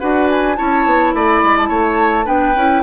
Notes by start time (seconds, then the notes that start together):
0.00 D4 F#4 B4 F#5
0.30 G#5
0.56 C#4 E4 C#5 A5
0.86 B3
1.14 A3 D5 B5
1.43 G#3
1.58 A5
1.69 A3 C#5
2.26 B3 D4 B4 G5
2.56 C#4 E4